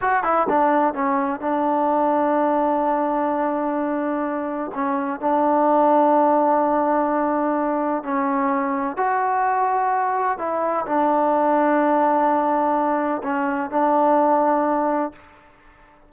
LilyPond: \new Staff \with { instrumentName = "trombone" } { \time 4/4 \tempo 4 = 127 fis'8 e'8 d'4 cis'4 d'4~ | d'1~ | d'2 cis'4 d'4~ | d'1~ |
d'4 cis'2 fis'4~ | fis'2 e'4 d'4~ | d'1 | cis'4 d'2. | }